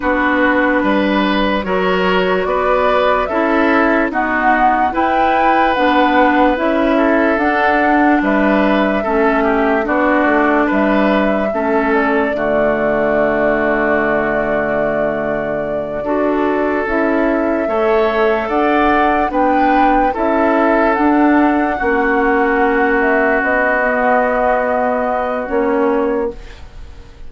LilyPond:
<<
  \new Staff \with { instrumentName = "flute" } { \time 4/4 \tempo 4 = 73 b'2 cis''4 d''4 | e''4 fis''4 g''4 fis''4 | e''4 fis''4 e''2 | d''4 e''4. d''4.~ |
d''1~ | d''8 e''2 fis''4 g''8~ | g''8 e''4 fis''2~ fis''8 | e''8 dis''2~ dis''8 cis''4 | }
  \new Staff \with { instrumentName = "oboe" } { \time 4/4 fis'4 b'4 ais'4 b'4 | a'4 fis'4 b'2~ | b'8 a'4. b'4 a'8 g'8 | fis'4 b'4 a'4 fis'4~ |
fis'2.~ fis'8 a'8~ | a'4. cis''4 d''4 b'8~ | b'8 a'2 fis'4.~ | fis'1 | }
  \new Staff \with { instrumentName = "clarinet" } { \time 4/4 d'2 fis'2 | e'4 b4 e'4 d'4 | e'4 d'2 cis'4 | d'2 cis'4 a4~ |
a2.~ a8 fis'8~ | fis'8 e'4 a'2 d'8~ | d'8 e'4 d'4 cis'4.~ | cis'4 b2 cis'4 | }
  \new Staff \with { instrumentName = "bassoon" } { \time 4/4 b4 g4 fis4 b4 | cis'4 dis'4 e'4 b4 | cis'4 d'4 g4 a4 | b8 a8 g4 a4 d4~ |
d2.~ d8 d'8~ | d'8 cis'4 a4 d'4 b8~ | b8 cis'4 d'4 ais4.~ | ais8 b2~ b8 ais4 | }
>>